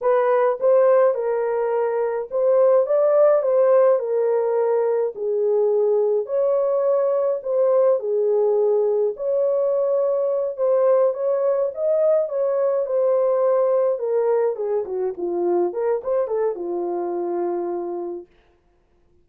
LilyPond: \new Staff \with { instrumentName = "horn" } { \time 4/4 \tempo 4 = 105 b'4 c''4 ais'2 | c''4 d''4 c''4 ais'4~ | ais'4 gis'2 cis''4~ | cis''4 c''4 gis'2 |
cis''2~ cis''8 c''4 cis''8~ | cis''8 dis''4 cis''4 c''4.~ | c''8 ais'4 gis'8 fis'8 f'4 ais'8 | c''8 a'8 f'2. | }